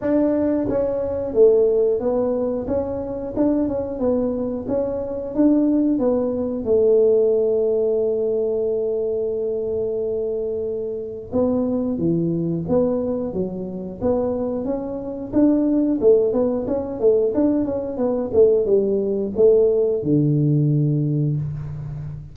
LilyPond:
\new Staff \with { instrumentName = "tuba" } { \time 4/4 \tempo 4 = 90 d'4 cis'4 a4 b4 | cis'4 d'8 cis'8 b4 cis'4 | d'4 b4 a2~ | a1~ |
a4 b4 e4 b4 | fis4 b4 cis'4 d'4 | a8 b8 cis'8 a8 d'8 cis'8 b8 a8 | g4 a4 d2 | }